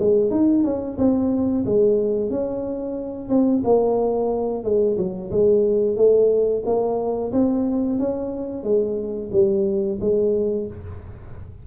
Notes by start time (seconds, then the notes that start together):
0.00 G#3
0.31 D#4
0.64 C#4
0.99 C4
1.66 G#3
2.30 C#4
3.30 C4
3.65 A#3
4.64 G#3
4.98 F#3
5.31 G#3
5.97 A3
6.66 A#3
7.33 C4
7.99 C#4
8.64 G#3
9.33 G3
10.01 G#3